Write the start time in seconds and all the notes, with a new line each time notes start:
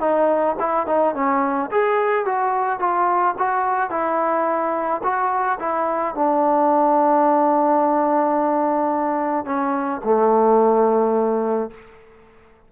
0.00 D#4
0.59 E4
0.87 D#4
1.14 C#4
1.71 G#4
2.25 F#4
2.79 F4
3.38 F#4
3.90 E4
5.03 F#4
5.59 E4
6.15 D4
9.45 C#4
10.04 A3